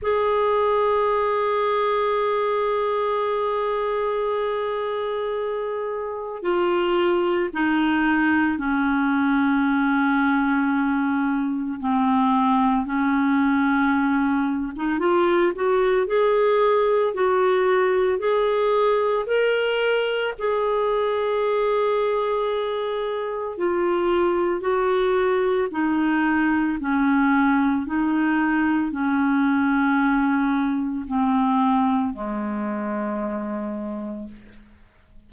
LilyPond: \new Staff \with { instrumentName = "clarinet" } { \time 4/4 \tempo 4 = 56 gis'1~ | gis'2 f'4 dis'4 | cis'2. c'4 | cis'4.~ cis'16 dis'16 f'8 fis'8 gis'4 |
fis'4 gis'4 ais'4 gis'4~ | gis'2 f'4 fis'4 | dis'4 cis'4 dis'4 cis'4~ | cis'4 c'4 gis2 | }